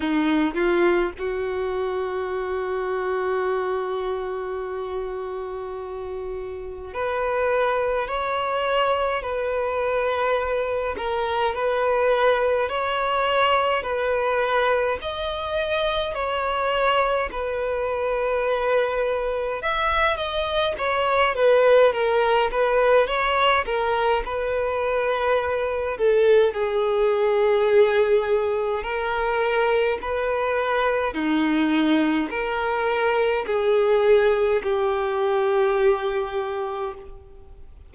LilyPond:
\new Staff \with { instrumentName = "violin" } { \time 4/4 \tempo 4 = 52 dis'8 f'8 fis'2.~ | fis'2 b'4 cis''4 | b'4. ais'8 b'4 cis''4 | b'4 dis''4 cis''4 b'4~ |
b'4 e''8 dis''8 cis''8 b'8 ais'8 b'8 | cis''8 ais'8 b'4. a'8 gis'4~ | gis'4 ais'4 b'4 dis'4 | ais'4 gis'4 g'2 | }